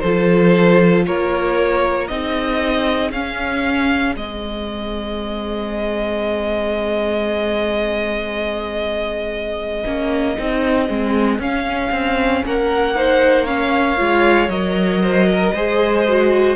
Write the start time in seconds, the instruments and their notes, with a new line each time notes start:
0.00 cello F3, viola F4, violin A4 C5
1.06 cello A#3, violin A#4 C#5
2.08 cello C4, viola D#4, violin G#4 D#5
3.12 cello C#4, viola C#4, violin F5
4.16 cello G#3, viola C4, violin D#5
9.85 cello A#3, viola C#4
10.37 cello C4, viola D#4
10.88 cello G#3, viola C4
11.39 cello C#4, viola C#4, violin F5
11.92 cello C4
12.45 cello A#3, violin A#4 F#5
12.96 viola D#4, violin C5
13.45 viola C#4, violin C#5 F5
13.98 cello G#3, viola F4
14.49 cello F#3, viola A#4, violin D#5
15.02 violin C5
15.32 violin A#4
15.54 cello G#3, viola G#4, violin C5
16.08 viola F#4